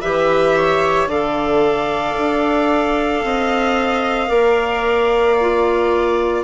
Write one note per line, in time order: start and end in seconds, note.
0.00 1.06 E3
0.00 1.09 G4
0.00 0.54 B4
0.00 1.08 E5
0.56 1.09 C#5
1.06 2.13 D3
1.06 4.27 A4
1.06 3.23 D5
1.06 6.44 F5
2.17 3.24 D4
3.24 4.30 C4
3.24 4.29 D#5
4.27 6.44 A#3
4.27 5.35 A#4
4.27 6.43 D5
5.40 6.44 F4